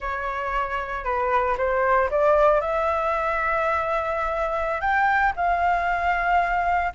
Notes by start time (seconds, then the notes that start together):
0.00 C#5
1.04 B4
1.57 C5
2.10 D5
2.61 E5
4.80 G5
5.36 F5